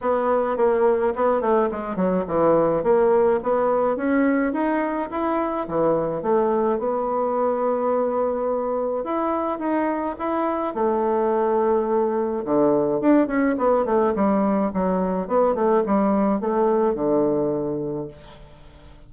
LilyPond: \new Staff \with { instrumentName = "bassoon" } { \time 4/4 \tempo 4 = 106 b4 ais4 b8 a8 gis8 fis8 | e4 ais4 b4 cis'4 | dis'4 e'4 e4 a4 | b1 |
e'4 dis'4 e'4 a4~ | a2 d4 d'8 cis'8 | b8 a8 g4 fis4 b8 a8 | g4 a4 d2 | }